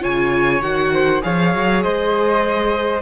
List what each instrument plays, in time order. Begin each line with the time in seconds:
0.00 cello C#3, viola F4, flute C#5, violin G#5
0.62 cello D#3, viola F#4, violin F#5
0.94 flute C5
1.21 cello F3, viola G#4, flute C#5, violin F5
1.54 cello F#3
1.83 cello G#3, flute C5, violin D#5